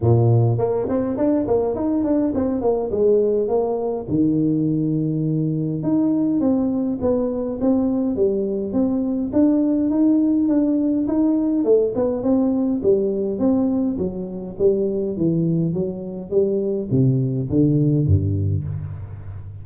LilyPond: \new Staff \with { instrumentName = "tuba" } { \time 4/4 \tempo 4 = 103 ais,4 ais8 c'8 d'8 ais8 dis'8 d'8 | c'8 ais8 gis4 ais4 dis4~ | dis2 dis'4 c'4 | b4 c'4 g4 c'4 |
d'4 dis'4 d'4 dis'4 | a8 b8 c'4 g4 c'4 | fis4 g4 e4 fis4 | g4 c4 d4 g,4 | }